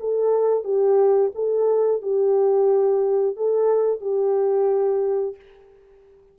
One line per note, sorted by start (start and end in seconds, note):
0.00 0.64 A4
0.64 1.31 G4
1.35 2.02 A4
2.02 3.36 G4
3.36 4.01 A4
4.01 5.36 G4